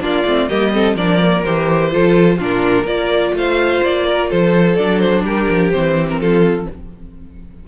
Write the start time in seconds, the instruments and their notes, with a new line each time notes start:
0.00 cello A#3, viola D4, violin F4 D5
0.25 cello A3, viola C4
0.48 cello G3, viola A#3, violin G4 D#5
0.72 viola C4, violin A4
0.95 cello F3, viola D4, violin A#4 D5
1.20 viola A#3
1.44 cello E3, viola G4, violin C5
1.91 cello F3, viola F4, violin A4
2.37 cello A#2, viola D4, violin F4 A#4
2.84 cello A#3, viola F4, violin A#4 D5
3.33 cello A3, violin C5 F5
3.82 cello A#3, violin D5
4.06 violin A#4
4.30 cello F3, violin A4 C5
4.76 cello F#3, viola D4, violin D5
4.99 violin C5
5.23 cello G3, violin G4 A#4
5.49 cello F3
5.71 cello E3, viola C4, violin C5
6.10 violin A#4
6.19 cello F3, violin F4 A4